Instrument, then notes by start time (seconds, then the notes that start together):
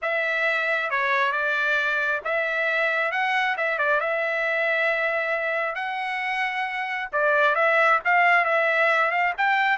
trumpet
0.01 E5
0.90 C#5
1.32 D5
2.24 E5
3.11 F#5
3.57 E5
3.78 D5
4.00 E5
5.75 F#5
7.12 D5
7.55 E5
8.04 F5
8.44 E5
9.11 F5
9.37 G5